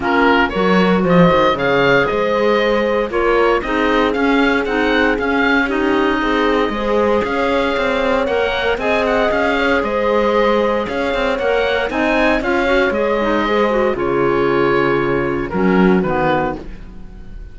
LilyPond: <<
  \new Staff \with { instrumentName = "oboe" } { \time 4/4 \tempo 4 = 116 ais'4 cis''4 dis''4 f''4 | dis''2 cis''4 dis''4 | f''4 fis''4 f''4 dis''4~ | dis''2 f''2 |
fis''4 gis''8 fis''8 f''4 dis''4~ | dis''4 f''4 fis''4 gis''4 | f''4 dis''2 cis''4~ | cis''2 ais'4 b'4 | }
  \new Staff \with { instrumentName = "horn" } { \time 4/4 f'4 ais'4 c''4 cis''4 | c''2 ais'4 gis'4~ | gis'2. g'4 | gis'4 c''4 cis''2~ |
cis''4 dis''4. cis''8 c''4~ | c''4 cis''2 dis''4 | cis''2 c''4 gis'4~ | gis'2 fis'2 | }
  \new Staff \with { instrumentName = "clarinet" } { \time 4/4 cis'4 fis'2 gis'4~ | gis'2 f'4 dis'4 | cis'4 dis'4 cis'4 dis'4~ | dis'4 gis'2. |
ais'4 gis'2.~ | gis'2 ais'4 dis'4 | f'8 fis'8 gis'8 dis'8 gis'8 fis'8 f'4~ | f'2 cis'4 b4 | }
  \new Staff \with { instrumentName = "cello" } { \time 4/4 ais4 fis4 f8 dis8 cis4 | gis2 ais4 c'4 | cis'4 c'4 cis'2 | c'4 gis4 cis'4 c'4 |
ais4 c'4 cis'4 gis4~ | gis4 cis'8 c'8 ais4 c'4 | cis'4 gis2 cis4~ | cis2 fis4 dis4 | }
>>